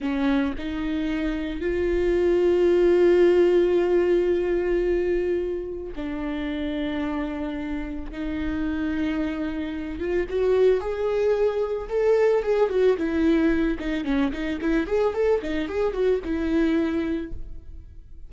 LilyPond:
\new Staff \with { instrumentName = "viola" } { \time 4/4 \tempo 4 = 111 cis'4 dis'2 f'4~ | f'1~ | f'2. d'4~ | d'2. dis'4~ |
dis'2~ dis'8 f'8 fis'4 | gis'2 a'4 gis'8 fis'8 | e'4. dis'8 cis'8 dis'8 e'8 gis'8 | a'8 dis'8 gis'8 fis'8 e'2 | }